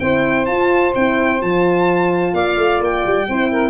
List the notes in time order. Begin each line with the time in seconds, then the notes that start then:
0.00 C4 E4 C5 G5
0.46 F4 A5
0.95 C4 E4 G5
1.40 F3 F4 A5
2.34 A#3 D5 F5
2.57 A3
2.80 A#3 G5
3.06 G3
3.29 C4 E4 C5
3.51 A#4